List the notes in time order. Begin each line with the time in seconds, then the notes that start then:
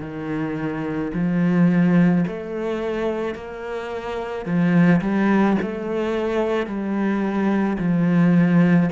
0.00 D#3
1.14 F3
2.27 A3
3.34 A#3
4.45 F3
5.01 G3
5.62 A3
6.66 G3
7.78 F3